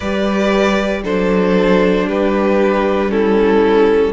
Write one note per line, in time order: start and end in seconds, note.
0.00 1.04 G3
0.00 1.04 G4
0.00 1.01 B4
0.00 1.02 D5
1.04 2.07 F#3
1.04 3.08 D4
1.04 2.07 A4
1.04 2.08 C5
2.07 4.12 G3
2.07 3.10 G4
2.07 3.11 B4
3.08 4.12 C#4
3.08 4.12 E4
3.08 4.12 A4